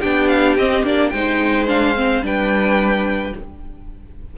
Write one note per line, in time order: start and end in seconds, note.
0.00 0.58 B3
0.00 0.59 D4
0.00 1.11 G4
0.00 0.28 G5
0.28 0.56 F5
0.58 0.83 C4
0.58 0.85 C4
0.58 0.85 D#5
0.83 1.11 A#3
0.83 1.12 D4
0.83 1.10 D5
1.10 2.22 G#3
1.10 1.68 D#4
1.10 2.25 C5
1.10 1.66 G5
1.68 1.95 D4
1.68 2.24 F5
1.95 2.22 C4
2.22 3.33 G3
2.22 3.34 D4
2.22 3.36 B4
2.22 3.38 G5